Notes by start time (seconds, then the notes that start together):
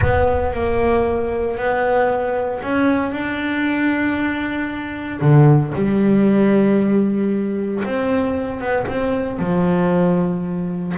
0.01 B3
0.53 A#3
1.57 B3
2.62 C#4
3.11 D4
5.21 D3
5.75 G3
7.84 C4
8.60 B3
8.87 C4
9.38 F3